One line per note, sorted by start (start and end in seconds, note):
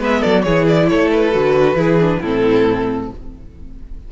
0.00 0.22 G#3
0.00 0.44 B3
0.00 0.21 B4
0.00 0.22 E5
0.21 0.46 F#3
0.21 0.43 A4
0.21 0.44 D5
0.44 0.90 E3
0.44 1.33 E4
0.44 0.89 G#4
0.44 0.66 C#5
0.68 0.89 D5
0.89 1.35 A3
0.89 1.77 A4
0.89 1.11 C#5
1.12 2.22 B4
1.33 1.75 D3
1.33 1.76 F#4
1.75 2.19 E3
1.75 1.98 E4
1.75 2.20 G#4
2.01 2.23 D4
2.20 3.11 A2
2.20 3.12 C4
2.20 3.09 E4
2.20 3.11 A4